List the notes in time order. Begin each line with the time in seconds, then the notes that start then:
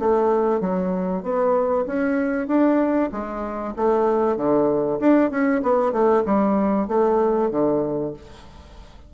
0.00 A3
0.61 F#3
1.23 B3
1.87 C#4
2.48 D4
3.12 G#3
3.77 A3
4.37 D3
5.00 D4
5.31 C#4
5.63 B3
5.93 A3
6.26 G3
6.89 A3
7.51 D3